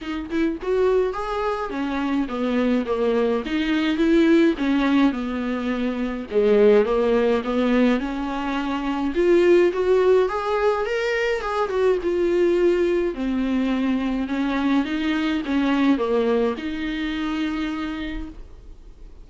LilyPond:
\new Staff \with { instrumentName = "viola" } { \time 4/4 \tempo 4 = 105 dis'8 e'8 fis'4 gis'4 cis'4 | b4 ais4 dis'4 e'4 | cis'4 b2 gis4 | ais4 b4 cis'2 |
f'4 fis'4 gis'4 ais'4 | gis'8 fis'8 f'2 c'4~ | c'4 cis'4 dis'4 cis'4 | ais4 dis'2. | }